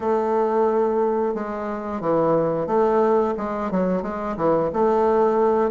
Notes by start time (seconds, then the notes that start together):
0.00 A3
1.34 G#3
2.00 E3
2.66 A3
3.37 G#3
3.71 F#3
4.02 G#3
4.36 E3
4.73 A3